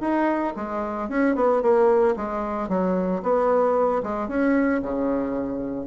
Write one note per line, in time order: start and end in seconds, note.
0.00 0.53 D#4
0.56 1.09 G#3
1.09 1.35 C#4
1.35 1.62 B3
1.62 2.15 A#3
2.16 2.68 G#3
2.68 3.21 F#3
3.22 4.02 B3
4.03 4.28 G#3
4.28 4.81 C#4
4.82 5.86 C#3